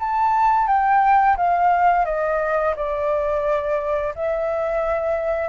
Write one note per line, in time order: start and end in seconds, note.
0.00 0.68 A5
0.68 1.37 G5
1.37 2.06 F5
2.06 2.75 D#5
2.76 4.14 D5
4.16 5.49 E5